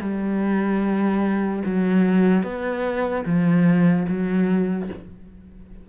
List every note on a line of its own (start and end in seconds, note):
0.00 1.62 G3
1.65 2.43 F#3
2.43 3.24 B3
3.25 4.06 F3
4.08 4.89 F#3